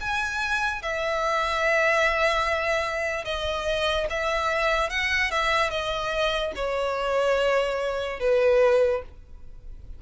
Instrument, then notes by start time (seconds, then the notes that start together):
violin
0.00 G#5
0.82 E5
3.24 D#5
4.09 E5
4.89 F#5
5.31 E5
5.70 D#5
6.55 C#5
8.19 B4